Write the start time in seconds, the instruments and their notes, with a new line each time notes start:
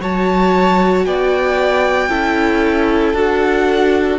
0.00 cello F#3, viola F#4, violin C#5 A5
1.05 cello B3, violin D5 G5
2.09 cello C#4, viola E4, violin A4
3.14 cello D4, viola F#4, violin F#5